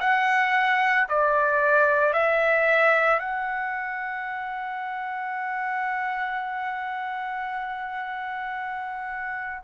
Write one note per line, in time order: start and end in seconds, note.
0.00 1.07 F#5
1.09 2.13 D5
2.13 3.19 E5
3.19 9.62 F#5